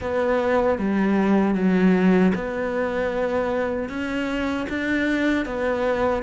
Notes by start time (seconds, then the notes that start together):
0.00 B3
0.78 G3
1.54 F#3
2.34 B3
3.89 C#4
4.69 D4
5.45 B3